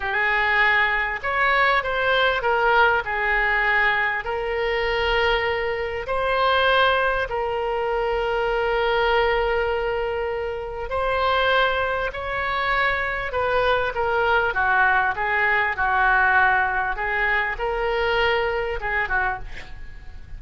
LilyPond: \new Staff \with { instrumentName = "oboe" } { \time 4/4 \tempo 4 = 99 gis'2 cis''4 c''4 | ais'4 gis'2 ais'4~ | ais'2 c''2 | ais'1~ |
ais'2 c''2 | cis''2 b'4 ais'4 | fis'4 gis'4 fis'2 | gis'4 ais'2 gis'8 fis'8 | }